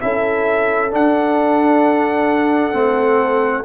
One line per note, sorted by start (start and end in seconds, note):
0.00 0.93 C#4
0.00 0.91 E4
0.00 3.64 A4
0.00 0.91 E5
0.91 2.72 D4
0.91 2.74 D4
0.91 3.64 F#5
2.72 3.64 A3
2.72 3.63 C4